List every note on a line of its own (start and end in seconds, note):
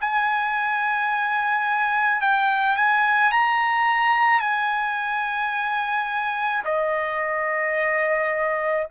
0.00 2.21 G#5
2.21 2.76 G5
2.76 3.31 G#5
3.31 4.39 A#5
4.39 6.62 G#5
6.65 8.87 D#5